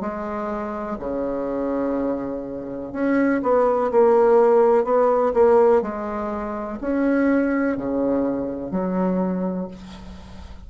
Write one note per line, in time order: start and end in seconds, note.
0.00 0.97 G#3
0.99 2.93 C#3
2.93 3.41 C#4
3.43 3.91 B3
3.91 4.84 A#3
4.84 5.32 B3
5.34 5.82 A#3
5.82 6.78 G#3
6.81 7.76 C#4
7.76 8.71 C#3
8.71 9.68 F#3